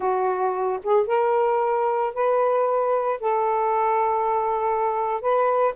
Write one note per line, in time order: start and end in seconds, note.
0.00 0.79 F#4
0.83 1.06 G#4
1.06 2.14 A#4
2.14 3.20 B4
3.20 5.21 A4
5.21 5.74 B4